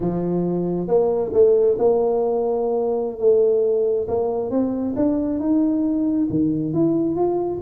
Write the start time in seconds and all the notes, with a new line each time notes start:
0.00 F3
0.87 A#3
1.33 A3
1.78 A#3
3.18 A3
4.07 A#3
4.50 C4
4.96 D4
5.39 D#4
6.29 D#3
6.73 E4
7.15 F4